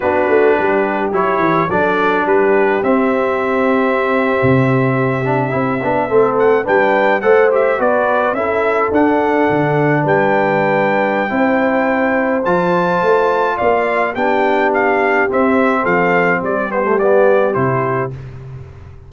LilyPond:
<<
  \new Staff \with { instrumentName = "trumpet" } { \time 4/4 \tempo 4 = 106 b'2 cis''4 d''4 | b'4 e''2.~ | e''2.~ e''16 fis''8 g''16~ | g''8. fis''8 e''8 d''4 e''4 fis''16~ |
fis''4.~ fis''16 g''2~ g''16~ | g''2 a''2 | f''4 g''4 f''4 e''4 | f''4 d''8 c''8 d''4 c''4 | }
  \new Staff \with { instrumentName = "horn" } { \time 4/4 fis'4 g'2 a'4 | g'1~ | g'2~ g'8. a'4 b'16~ | b'8. c''4 b'4 a'4~ a'16~ |
a'4.~ a'16 b'2~ b'16 | c''1 | d''4 g'2. | a'4 g'2. | }
  \new Staff \with { instrumentName = "trombone" } { \time 4/4 d'2 e'4 d'4~ | d'4 c'2.~ | c'4~ c'16 d'8 e'8 d'8 c'4 d'16~ | d'8. a'8 g'8 fis'4 e'4 d'16~ |
d'1 | e'2 f'2~ | f'4 d'2 c'4~ | c'4. b16 a16 b4 e'4 | }
  \new Staff \with { instrumentName = "tuba" } { \time 4/4 b8 a8 g4 fis8 e8 fis4 | g4 c'2~ c'8. c16~ | c4.~ c16 c'8 b8 a4 g16~ | g8. a4 b4 cis'4 d'16~ |
d'8. d4 g2~ g16 | c'2 f4 a4 | ais4 b2 c'4 | f4 g2 c4 | }
>>